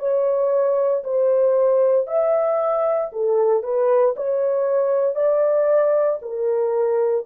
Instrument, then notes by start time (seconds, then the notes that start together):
horn
0.00 C#5
1.04 C5
2.07 E5
3.13 A4
3.63 B4
4.17 C#5
5.16 D5
6.22 A#4